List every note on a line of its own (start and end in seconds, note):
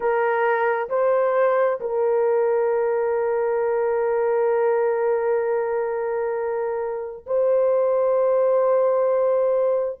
0.00 0.88 A#4
0.89 1.80 C5
1.80 7.25 A#4
7.26 9.99 C5